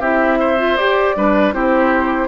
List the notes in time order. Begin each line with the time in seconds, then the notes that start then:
0.00 C4 E4 G4 E5
0.40 C5
0.58 F4
0.77 G4 D5
1.16 G3 D4 B4
1.53 C4 E4 G4 C5